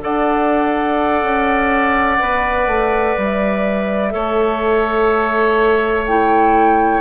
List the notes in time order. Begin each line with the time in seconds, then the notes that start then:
0.00 D4 A4 D5 F#5
1.23 C#4
2.19 B3 B4
2.67 A3
3.17 G3 E5
4.11 A3 A4 C#5
6.06 E4 G5